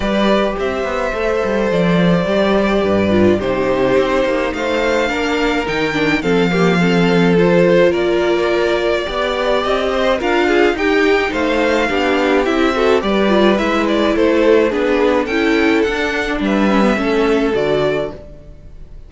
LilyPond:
<<
  \new Staff \with { instrumentName = "violin" } { \time 4/4 \tempo 4 = 106 d''4 e''2 d''4~ | d''2 c''2 | f''2 g''4 f''4~ | f''4 c''4 d''2~ |
d''4 dis''4 f''4 g''4 | f''2 e''4 d''4 | e''8 d''8 c''4 b'4 g''4 | fis''4 e''2 d''4 | }
  \new Staff \with { instrumentName = "violin" } { \time 4/4 b'4 c''2.~ | c''4 b'4 g'2 | c''4 ais'2 a'8 g'8 | a'2 ais'2 |
d''4. c''8 ais'8 gis'8 g'4 | c''4 g'4. a'8 b'4~ | b'4 a'4 gis'4 a'4~ | a'4 b'4 a'2 | }
  \new Staff \with { instrumentName = "viola" } { \time 4/4 g'2 a'2 | g'4. f'8 dis'2~ | dis'4 d'4 dis'8 d'8 c'8 ais8 | c'4 f'2. |
g'2 f'4 dis'4~ | dis'4 d'4 e'8 fis'8 g'8 f'8 | e'2 d'4 e'4 | d'4. cis'16 b16 cis'4 fis'4 | }
  \new Staff \with { instrumentName = "cello" } { \time 4/4 g4 c'8 b8 a8 g8 f4 | g4 g,4 c4 c'8 ais8 | a4 ais4 dis4 f4~ | f2 ais2 |
b4 c'4 d'4 dis'4 | a4 b4 c'4 g4 | gis4 a4 b4 cis'4 | d'4 g4 a4 d4 | }
>>